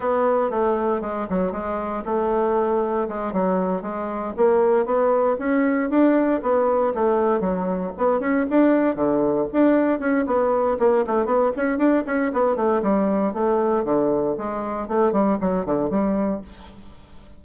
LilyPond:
\new Staff \with { instrumentName = "bassoon" } { \time 4/4 \tempo 4 = 117 b4 a4 gis8 fis8 gis4 | a2 gis8 fis4 gis8~ | gis8 ais4 b4 cis'4 d'8~ | d'8 b4 a4 fis4 b8 |
cis'8 d'4 d4 d'4 cis'8 | b4 ais8 a8 b8 cis'8 d'8 cis'8 | b8 a8 g4 a4 d4 | gis4 a8 g8 fis8 d8 g4 | }